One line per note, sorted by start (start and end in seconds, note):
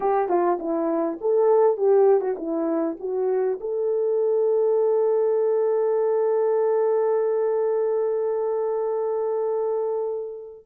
0.00 0.28 G4
0.28 0.58 F4
0.59 1.18 E4
1.20 1.77 A4
1.77 2.20 G4
2.20 2.35 F#4
2.37 2.96 E4
2.99 3.59 F#4
3.60 10.65 A4